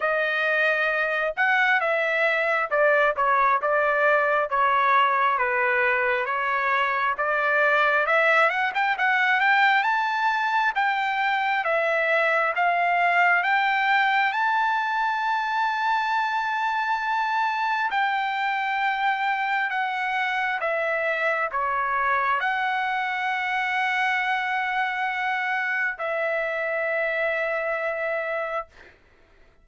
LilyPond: \new Staff \with { instrumentName = "trumpet" } { \time 4/4 \tempo 4 = 67 dis''4. fis''8 e''4 d''8 cis''8 | d''4 cis''4 b'4 cis''4 | d''4 e''8 fis''16 g''16 fis''8 g''8 a''4 | g''4 e''4 f''4 g''4 |
a''1 | g''2 fis''4 e''4 | cis''4 fis''2.~ | fis''4 e''2. | }